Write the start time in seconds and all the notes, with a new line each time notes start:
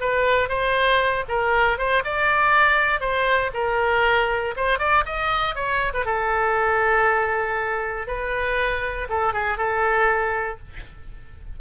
0.00 B4
0.49 C5
1.28 A#4
1.78 C5
2.04 D5
3.00 C5
3.53 A#4
4.56 C5
4.79 D5
5.05 D#5
5.55 C#5
5.93 B4
6.05 A4
8.07 B4
9.09 A4
9.33 G#4
9.57 A4